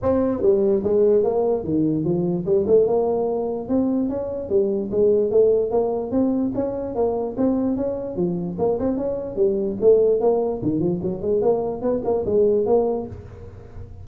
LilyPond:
\new Staff \with { instrumentName = "tuba" } { \time 4/4 \tempo 4 = 147 c'4 g4 gis4 ais4 | dis4 f4 g8 a8 ais4~ | ais4 c'4 cis'4 g4 | gis4 a4 ais4 c'4 |
cis'4 ais4 c'4 cis'4 | f4 ais8 c'8 cis'4 g4 | a4 ais4 dis8 f8 fis8 gis8 | ais4 b8 ais8 gis4 ais4 | }